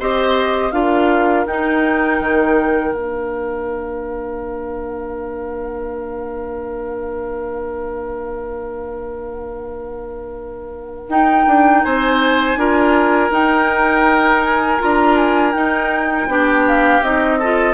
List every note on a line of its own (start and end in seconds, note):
0.00 0.72 C4
0.00 0.73 G4
0.00 0.74 C5
0.00 0.72 D#5
0.72 1.46 D4
0.72 1.47 F4
0.72 11.85 A#4
0.72 1.46 F5
1.47 2.21 D#4
1.47 2.94 D#4
1.47 2.95 G5
2.21 2.93 D#3
2.93 11.08 A#3
2.93 11.09 D4
2.93 11.10 F5
11.09 11.46 D#4
11.09 12.58 D#4
11.09 11.84 G5
11.47 11.84 D4
11.84 12.56 C4
11.84 12.59 C5
11.84 13.32 G#5
12.56 13.30 D4
12.56 13.31 F4
12.56 16.29 A#4
13.31 14.79 D#4
13.31 14.44 G5
14.44 14.81 G#5
14.79 15.55 D4
14.79 15.54 F4
14.79 15.17 A#5
15.17 15.53 G#5
15.53 16.28 D#4
15.53 16.64 G5
16.28 17.02 B3
16.28 17.03 D4
16.28 17.39 G4
16.68 17.04 F5
17.02 17.74 C4
17.02 17.41 D#4
17.02 17.74 D#5
17.39 17.74 F4
17.39 17.74 A4